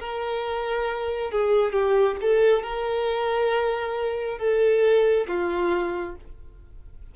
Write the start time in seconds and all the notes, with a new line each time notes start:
0.00 A#4
1.32 G#4
1.73 G4
2.22 A4
2.64 A#4
4.39 A4
5.28 F4